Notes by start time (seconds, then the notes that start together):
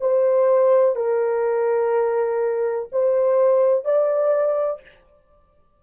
0.00 C5
0.95 A#4
2.92 C5
3.85 D5